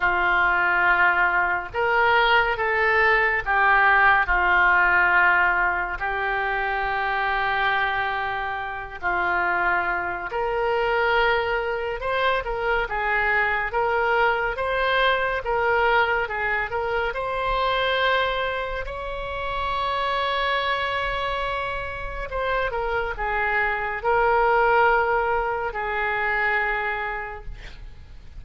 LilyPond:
\new Staff \with { instrumentName = "oboe" } { \time 4/4 \tempo 4 = 70 f'2 ais'4 a'4 | g'4 f'2 g'4~ | g'2~ g'8 f'4. | ais'2 c''8 ais'8 gis'4 |
ais'4 c''4 ais'4 gis'8 ais'8 | c''2 cis''2~ | cis''2 c''8 ais'8 gis'4 | ais'2 gis'2 | }